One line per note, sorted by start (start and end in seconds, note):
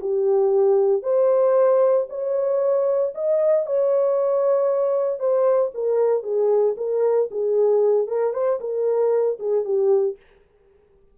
0.00 1.02 G4
1.02 2.07 C5
2.09 3.14 C#5
3.14 3.66 D#5
3.66 5.19 C#5
5.19 5.71 C5
5.74 6.23 A#4
6.23 6.75 G#4
6.77 7.29 A#4
7.31 8.07 G#4
8.07 8.33 A#4
8.33 8.59 C5
8.60 9.38 A#4
9.39 9.65 G#4
9.65 10.17 G4